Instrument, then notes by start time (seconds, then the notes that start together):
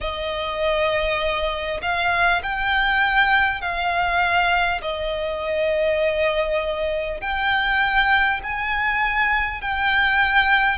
violin
0.00 D#5
1.82 F5
2.42 G5
3.61 F5
4.81 D#5
7.20 G5
8.43 G#5
9.61 G5